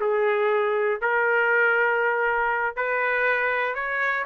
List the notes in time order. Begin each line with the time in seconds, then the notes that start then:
0.00 G#4
1.01 A#4
2.75 B4
3.74 C#5